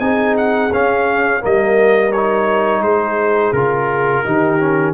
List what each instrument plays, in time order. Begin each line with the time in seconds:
0.00 tuba C4, trombone D#4, horn G#4, trumpet G#5
0.38 trumpet F#5
0.73 trombone C#4, tuba C#4, trumpet F5
1.41 tuba G3, trombone A#3, horn A#4, trumpet D#5
2.12 trombone D#4, trumpet C#5
2.81 tuba G#3, horn G#4, trumpet C5
3.53 tuba C#3, trombone F4, trumpet A#4
4.25 tuba D#3, trombone D#4, horn G4
4.60 trombone C#4